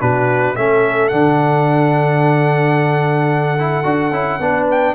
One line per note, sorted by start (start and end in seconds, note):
0.00 0.56 B2
0.00 0.55 D4
0.00 0.56 F#4
0.00 0.55 B4
0.55 1.11 A3
0.55 1.11 C#4
0.55 4.41 A4
0.55 1.08 E5
1.08 3.84 D3
1.08 3.58 D4
1.08 4.66 F#5
3.58 3.83 E4
3.83 4.11 D4
3.83 4.11 F#4
4.11 4.38 C#4
4.11 4.40 E4
4.39 4.94 B3
4.39 4.94 D4
4.39 4.94 B4
4.70 4.94 G5